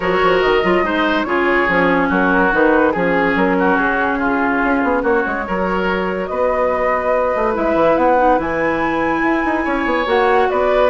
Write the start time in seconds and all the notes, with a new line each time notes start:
0.00 F#3 F#4 A#4 C#5
0.22 F3
0.40 D#3 D#5
0.63 F#3 F4
0.83 G#3 D#4 C5
1.23 C#3 F4 G#4 C#5
1.68 F3 C#4
2.08 F#3 F#4 A#4
2.51 D#3 D#4 B4
2.92 F3 C#4 G#4
3.35 F#3 A#4
3.58 F#4
3.76 C#3 G#4
4.18 F4
4.64 C#4
4.83 B3
5.02 A#3 F#4 C#5
5.26 G#3
5.45 F#3 F#4 A#4
6.26 B3 B4 D#5
7.35 A3
7.54 G#3 E4 E5
7.75 E3
7.96 B3 F#5
8.17 D#4
8.37 E3 E4 G#5
9.23 E4
9.44 D#4
9.64 C#4 C#5
9.85 B3
10.05 A#3 F#4 F#5
10.49 B3 B4 D5